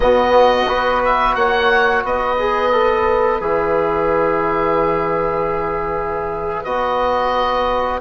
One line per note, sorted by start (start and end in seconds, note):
0.00 0.67 B2
0.00 0.66 B3
0.00 0.68 F#4
0.00 1.02 D#5
0.67 1.35 B3
0.67 2.37 F#4
0.67 1.37 B4
1.05 1.35 E5
1.35 2.03 A#3
1.35 2.03 C#5
1.35 2.03 F#5
2.03 3.39 B3
2.03 7.99 B4
2.03 3.42 D#5
2.39 2.72 G#4
2.72 3.40 A4
3.39 6.63 E3
3.39 6.64 G#4
3.39 6.63 E5
6.63 8.00 B3
6.63 8.00 F#4
6.63 8.00 D#5